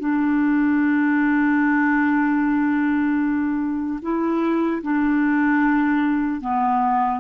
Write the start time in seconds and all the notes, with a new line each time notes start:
0.00 D4
4.02 E4
4.83 D4
6.41 B3